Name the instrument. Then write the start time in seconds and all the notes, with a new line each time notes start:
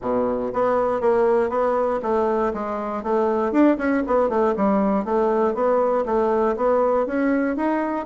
bassoon
0.01 B2
0.53 B3
1.01 A#3
1.49 B3
2.02 A3
2.53 G#3
3.03 A3
3.52 D4
3.77 C#4
4.06 B3
4.29 A3
4.56 G3
5.04 A3
5.54 B3
6.05 A3
6.56 B3
7.06 C#4
7.56 D#4